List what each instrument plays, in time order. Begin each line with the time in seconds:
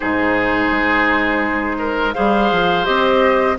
0.00 bassoon G#2, clarinet D#4, oboe G#4, flute C5
0.71 bassoon G#3
1.78 oboe A#4
2.13 bassoon G3, clarinet G#4, oboe C5, flute F5
2.51 bassoon F3
2.84 bassoon C4, clarinet G4, flute D#5